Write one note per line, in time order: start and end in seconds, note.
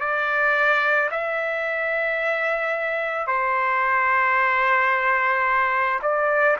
0.00 1.09 D5
1.11 3.27 E5
3.27 6.00 C5
6.02 6.57 D5